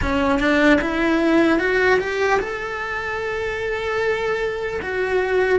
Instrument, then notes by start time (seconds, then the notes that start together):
cello
0.01 C#4
0.39 D4
0.81 E4
1.59 F#4
1.99 G4
2.40 A4
4.81 F#4